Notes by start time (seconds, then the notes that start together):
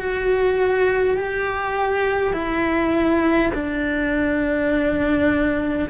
0.00 F#4
1.18 G4
2.33 E4
3.54 D4